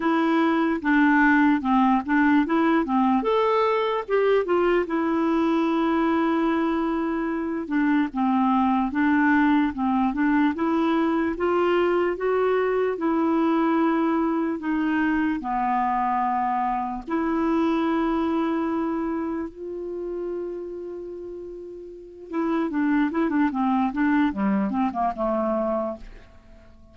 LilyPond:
\new Staff \with { instrumentName = "clarinet" } { \time 4/4 \tempo 4 = 74 e'4 d'4 c'8 d'8 e'8 c'8 | a'4 g'8 f'8 e'2~ | e'4. d'8 c'4 d'4 | c'8 d'8 e'4 f'4 fis'4 |
e'2 dis'4 b4~ | b4 e'2. | f'2.~ f'8 e'8 | d'8 e'16 d'16 c'8 d'8 g8 c'16 ais16 a4 | }